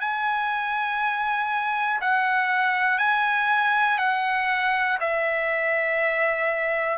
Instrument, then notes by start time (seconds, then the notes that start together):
trumpet
0.00 G#5
2.01 F#5
2.98 G#5
3.99 F#5
5.00 E5